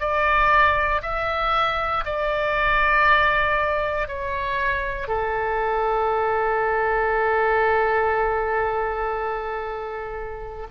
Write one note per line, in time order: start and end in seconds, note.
0.00 1.02 D5
1.03 2.04 E5
2.05 4.08 D5
4.08 5.08 C#5
5.08 10.67 A4